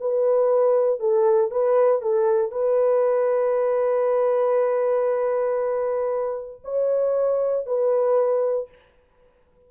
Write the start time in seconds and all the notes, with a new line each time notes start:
0.00 B4
1.00 A4
1.51 B4
2.01 A4
2.51 B4
6.64 C#5
7.66 B4